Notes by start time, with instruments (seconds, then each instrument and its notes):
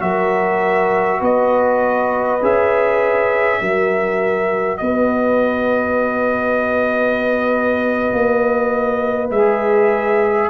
0.00 tuba F#3, trombone F#4, horn A#4, trumpet E5
1.20 tuba B3, horn B4, trumpet D#5
2.42 tuba C#4, trombone G#4, trumpet E5
3.61 tuba F#3, trombone F#4, horn A#4
4.78 tuba B3, horn B4, trumpet D#5
8.13 tuba A#3
9.30 tuba G#3, trombone G#4, trumpet E5